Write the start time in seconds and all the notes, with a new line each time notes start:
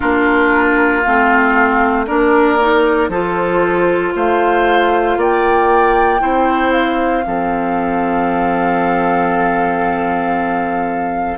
0.00 A#3 D4 F4 A#4
1.03 A3 C4 F5
2.06 A#3 D4 A#4 D5
2.59 D#4
3.08 F3 F4 A4 C5
4.15 A3 C5 F5
5.17 A#3 D5 G5
6.19 C4 E4 C5
6.72 F5
7.25 F3 C4 A4